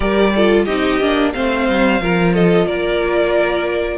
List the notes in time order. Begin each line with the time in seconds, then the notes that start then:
0.00 G3 G4 A#4 D5
0.35 F4 A4
0.65 C4 D#4 G4 D#5
1.00 A#3 D4
1.33 A3 C4 C5 F5
1.69 G3
2.01 F3 F4 A#4
2.33 A4 D#5
2.66 A#3 A#4 D5